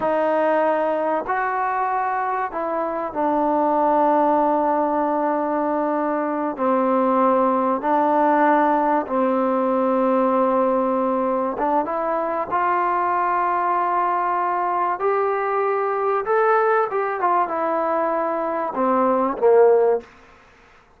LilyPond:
\new Staff \with { instrumentName = "trombone" } { \time 4/4 \tempo 4 = 96 dis'2 fis'2 | e'4 d'2.~ | d'2~ d'8 c'4.~ | c'8 d'2 c'4.~ |
c'2~ c'8 d'8 e'4 | f'1 | g'2 a'4 g'8 f'8 | e'2 c'4 ais4 | }